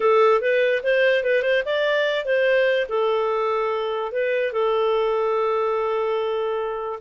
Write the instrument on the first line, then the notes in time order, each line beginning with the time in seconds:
clarinet
0.00 A4
0.41 B4
0.83 C5
1.23 B4
1.42 C5
1.65 D5
2.25 C5
2.88 A4
4.12 B4
4.52 A4